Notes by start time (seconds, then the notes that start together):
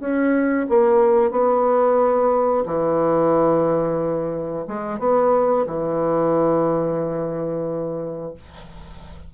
0.00 C#4
0.69 A#3
1.31 B3
2.66 E3
4.68 G#3
4.99 B3
5.67 E3